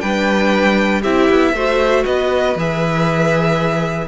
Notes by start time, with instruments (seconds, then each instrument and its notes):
0.00 cello G3, viola D4, violin B4 G5
1.01 cello C4, viola E4, violin G4 E5
1.30 cello B3
1.53 cello A3, viola F#4, violin C5
2.04 cello B3, violin B4 D#5
2.55 cello E3, viola G#4, violin E5